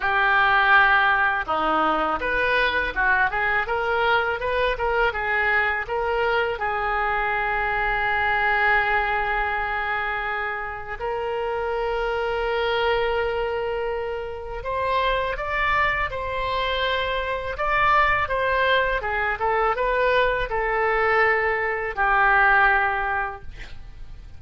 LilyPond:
\new Staff \with { instrumentName = "oboe" } { \time 4/4 \tempo 4 = 82 g'2 dis'4 b'4 | fis'8 gis'8 ais'4 b'8 ais'8 gis'4 | ais'4 gis'2.~ | gis'2. ais'4~ |
ais'1 | c''4 d''4 c''2 | d''4 c''4 gis'8 a'8 b'4 | a'2 g'2 | }